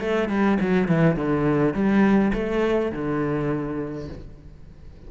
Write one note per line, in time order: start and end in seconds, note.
0.00 0.29 A3
0.29 0.58 G3
0.61 0.88 F#3
0.88 1.16 E3
1.16 1.74 D3
1.74 2.32 G3
2.34 2.92 A3
2.92 4.09 D3